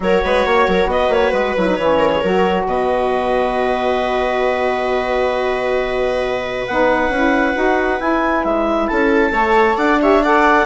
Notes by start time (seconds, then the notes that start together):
0.00 F#3 F#4 A#4 C#5
0.24 G#3 B4
0.45 A#3 C#5
0.67 F#3 A#4
0.86 B3 B4 D#5
1.09 A#3 C#5
1.31 G#3 B4
1.56 F#3 E4
1.67 D#4
1.75 E3 C#5
1.81 C#4
1.99 A#4
2.11 G#4
2.20 F#3 F#4 A#4
2.65 B2 B4 D#5
6.67 B3 D#4 F#5
7.09 C#4 E4
7.55 D#4 F#4
7.99 E4 G#5
8.44 G#3 E5
8.87 C#4 A4 A5
9.31 A3 A4 C#5
9.77 D4 D5 F#5
9.99 G4 C#5 E5
10.23 A4 D5 F#5